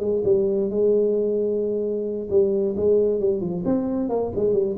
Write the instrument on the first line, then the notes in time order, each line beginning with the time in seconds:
tuba
0.00 G#3
0.25 G3
0.70 G#3
2.30 G3
2.77 G#3
3.20 G3
3.41 F3
3.65 C4
4.09 A#3
4.36 G#3
4.54 G3